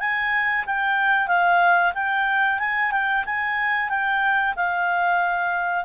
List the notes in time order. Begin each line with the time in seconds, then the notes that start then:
0.00 G#5
0.67 G5
1.28 F5
1.95 G5
2.60 G#5
2.92 G5
3.26 G#5
3.90 G5
4.57 F5